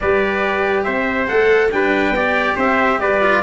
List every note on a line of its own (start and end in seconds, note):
0.00 0.86 G3
0.00 1.27 G4
0.00 0.84 B4
0.00 0.83 D5
0.83 1.29 C4
0.83 1.70 C5
0.83 1.26 E5
1.27 1.73 A3
1.27 1.70 A4
1.27 1.70 F#5
1.71 2.10 G3
1.71 2.14 D4
1.71 2.15 B4
1.71 2.56 G5
2.10 2.53 B3
2.10 3.21 G4
2.10 2.56 D5
2.56 2.98 C4
2.56 2.99 C5
2.56 3.00 E5
2.98 3.41 G3
2.98 3.42 B4
2.98 3.42 D5
3.21 3.42 F4